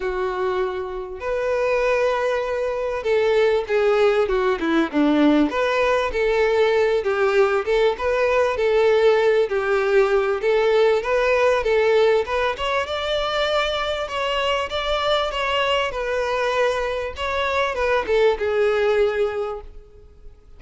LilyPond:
\new Staff \with { instrumentName = "violin" } { \time 4/4 \tempo 4 = 98 fis'2 b'2~ | b'4 a'4 gis'4 fis'8 e'8 | d'4 b'4 a'4. g'8~ | g'8 a'8 b'4 a'4. g'8~ |
g'4 a'4 b'4 a'4 | b'8 cis''8 d''2 cis''4 | d''4 cis''4 b'2 | cis''4 b'8 a'8 gis'2 | }